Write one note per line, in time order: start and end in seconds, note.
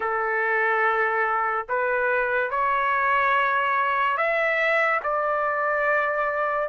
0.00 1.66 A4
1.68 2.50 B4
2.50 4.17 C#5
4.17 5.00 E5
5.03 6.68 D5